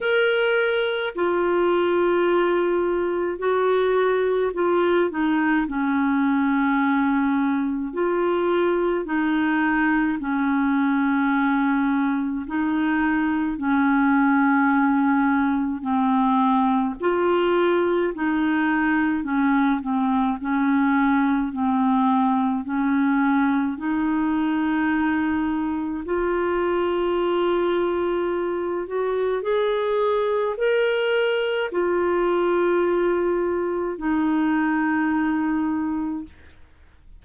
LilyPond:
\new Staff \with { instrumentName = "clarinet" } { \time 4/4 \tempo 4 = 53 ais'4 f'2 fis'4 | f'8 dis'8 cis'2 f'4 | dis'4 cis'2 dis'4 | cis'2 c'4 f'4 |
dis'4 cis'8 c'8 cis'4 c'4 | cis'4 dis'2 f'4~ | f'4. fis'8 gis'4 ais'4 | f'2 dis'2 | }